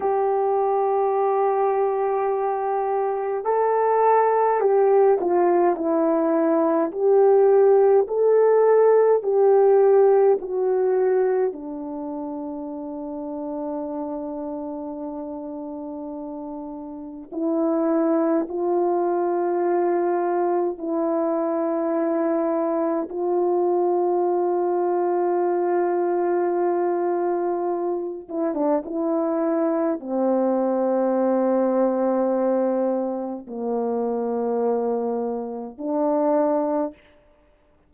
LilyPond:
\new Staff \with { instrumentName = "horn" } { \time 4/4 \tempo 4 = 52 g'2. a'4 | g'8 f'8 e'4 g'4 a'4 | g'4 fis'4 d'2~ | d'2. e'4 |
f'2 e'2 | f'1~ | f'8 e'16 d'16 e'4 c'2~ | c'4 ais2 d'4 | }